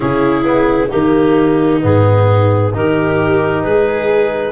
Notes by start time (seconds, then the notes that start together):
0.00 C#3 C#4 E4 G#4
0.43 B3
0.89 D#3 A#3 D#4 G4
1.80 G#2 B3 G#4
2.73 D#3 D#4 G4 A#4
3.62 G#3 G#4 B4